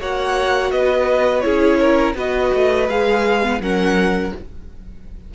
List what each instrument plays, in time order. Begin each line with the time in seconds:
0.00 cello A#3, viola F#4, violin C#5 F#5
0.71 cello B3, violin B4 D#5
1.41 cello C#4, viola E4, violin G#4 C#5
1.80 violin A#4
2.15 cello B3, viola F#4, violin B4 D#5
2.54 cello A3
2.90 cello G#3, viola G#4, violin F5
3.43 viola B3
3.60 cello F#3, viola C#4, violin A#4 F#5